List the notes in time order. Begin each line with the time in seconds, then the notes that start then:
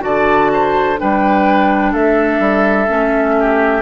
0.00 D3 F#4 D5 A5
0.53 C5
0.98 G3 D4 B4 G5
1.92 A3 A4 E5
2.39 G3
2.87 A3 C#4
3.39 G4